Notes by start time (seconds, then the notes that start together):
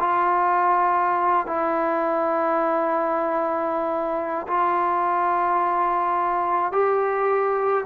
0.00 F4
1.47 E4
4.48 F4
6.72 G4